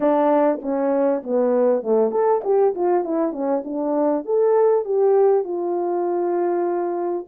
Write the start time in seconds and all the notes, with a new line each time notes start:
0.00 D4
0.62 C#4
1.23 B3
1.83 A3
2.11 A4
2.44 G4
2.74 F4
3.04 E4
3.32 C#4
3.64 D4
4.25 A4
4.84 G4
5.44 F4